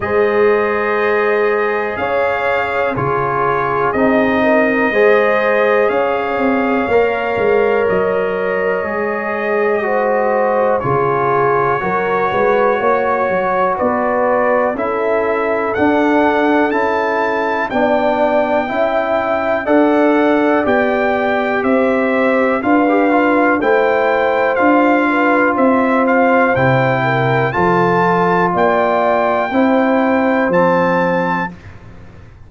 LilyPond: <<
  \new Staff \with { instrumentName = "trumpet" } { \time 4/4 \tempo 4 = 61 dis''2 f''4 cis''4 | dis''2 f''2 | dis''2. cis''4~ | cis''2 d''4 e''4 |
fis''4 a''4 g''2 | fis''4 g''4 e''4 f''4 | g''4 f''4 e''8 f''8 g''4 | a''4 g''2 a''4 | }
  \new Staff \with { instrumentName = "horn" } { \time 4/4 c''2 cis''4 gis'4~ | gis'8 ais'8 c''4 cis''2~ | cis''2 c''4 gis'4 | ais'8 b'8 cis''4 b'4 a'4~ |
a'2 d''4 e''4 | d''2 c''4 b'4 | c''4. b'8 c''4. ais'8 | a'4 d''4 c''2 | }
  \new Staff \with { instrumentName = "trombone" } { \time 4/4 gis'2. f'4 | dis'4 gis'2 ais'4~ | ais'4 gis'4 fis'4 f'4 | fis'2. e'4 |
d'4 e'4 d'4 e'4 | a'4 g'2 f'16 g'16 f'8 | e'4 f'2 e'4 | f'2 e'4 c'4 | }
  \new Staff \with { instrumentName = "tuba" } { \time 4/4 gis2 cis'4 cis4 | c'4 gis4 cis'8 c'8 ais8 gis8 | fis4 gis2 cis4 | fis8 gis8 ais8 fis8 b4 cis'4 |
d'4 cis'4 b4 cis'4 | d'4 b4 c'4 d'4 | a4 d'4 c'4 c4 | f4 ais4 c'4 f4 | }
>>